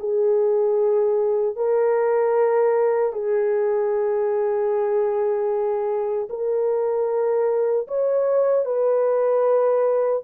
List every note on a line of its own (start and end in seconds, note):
0.00 1.56 G#4
1.56 3.13 A#4
3.13 6.29 G#4
6.30 7.88 A#4
7.88 8.66 C#5
8.66 10.23 B4